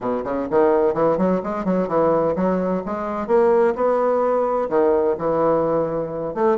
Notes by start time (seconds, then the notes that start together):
0.00 B2
0.24 C#3
0.50 D#3
0.94 E3
1.17 F#3
1.43 G#3
1.64 F#3
1.88 E3
2.35 F#3
2.85 G#3
3.27 A#3
3.75 B3
4.69 D#3
5.18 E3
6.34 A3